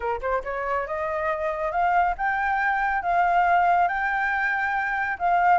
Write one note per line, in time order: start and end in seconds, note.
0.00 0.20 A#4
0.21 0.42 C5
0.43 0.86 C#5
0.86 1.71 D#5
1.71 2.14 F5
2.17 3.02 G5
3.02 3.88 F5
3.88 5.17 G5
5.19 5.58 F5